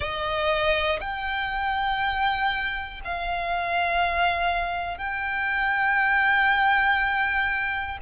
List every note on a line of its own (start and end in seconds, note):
0.00 0.99 D#5
1.00 3.00 G5
3.04 4.97 F5
4.97 7.97 G5